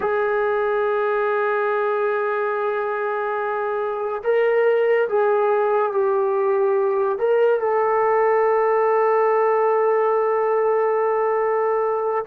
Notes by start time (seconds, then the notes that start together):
0.00 G#4
4.23 A#4
5.08 G#4
5.92 G4
7.18 A#4
7.59 A4